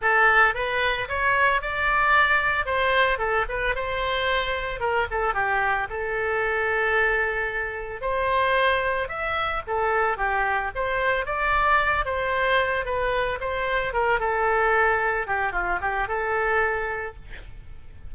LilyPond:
\new Staff \with { instrumentName = "oboe" } { \time 4/4 \tempo 4 = 112 a'4 b'4 cis''4 d''4~ | d''4 c''4 a'8 b'8 c''4~ | c''4 ais'8 a'8 g'4 a'4~ | a'2. c''4~ |
c''4 e''4 a'4 g'4 | c''4 d''4. c''4. | b'4 c''4 ais'8 a'4.~ | a'8 g'8 f'8 g'8 a'2 | }